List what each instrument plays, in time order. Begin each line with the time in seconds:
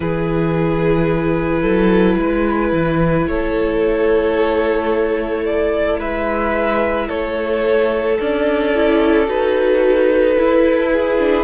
0.00 cello E3, viola E4, violin G#4 B4
1.61 cello F#3, violin A4
2.18 cello G#3, violin B4
2.72 cello E3
3.27 cello A3, violin A4 C#5
5.45 violin D5
5.99 cello G#3, violin B4 E5
7.07 cello A3, violin A4 C#5
8.19 cello C#4, viola D4, violin D5
8.75 viola E4
9.27 cello D#4, viola F#4, violin B4
10.36 viola E4, cello E4
10.92 violin G#4
11.18 viola D4